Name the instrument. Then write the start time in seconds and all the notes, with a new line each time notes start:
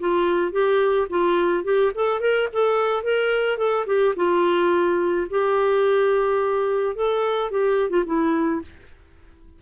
clarinet
0.00 F4
0.52 G4
1.10 F4
1.64 G4
1.95 A4
2.20 A#4
2.53 A4
3.03 A#4
3.58 A4
3.87 G4
4.16 F4
5.30 G4
6.96 A4
7.51 G4
7.90 F4
8.06 E4